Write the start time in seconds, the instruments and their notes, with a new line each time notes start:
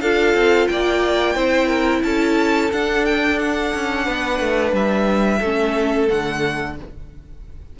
0.00 cello D4, viola F4, violin A4 F5
0.34 cello C4
0.67 cello A#3, violin D5 G5
1.35 cello C4, viola E4, violin C5
1.66 violin A#4
2.03 cello C#4, violin A4 A5
2.72 viola D4, cello D4, violin F#5
3.05 violin G5
3.39 violin F#5
3.74 cello C#4
4.05 cello B3, violin B4
4.39 cello A3
4.72 cello G3, violin E5
5.39 cello A3, viola C#4, violin A4
6.08 cello D3, viola A3, violin F#5